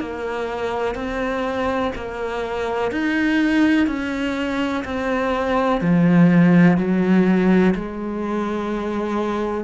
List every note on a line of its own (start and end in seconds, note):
0.00 0.95 A#3
0.95 1.92 C4
1.96 2.92 A#3
2.92 3.88 D#4
3.88 4.84 C#4
4.85 5.82 C4
5.82 6.78 F3
6.78 7.75 F#3
7.76 9.65 G#3